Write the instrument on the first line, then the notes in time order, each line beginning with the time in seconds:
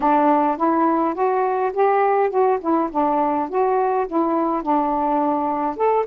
saxophone
0.00 D4
0.57 E4
1.14 F#4
1.73 G4
2.29 F#4
2.60 E4
2.91 D4
3.49 F#4
4.07 E4
4.62 D4
5.76 A4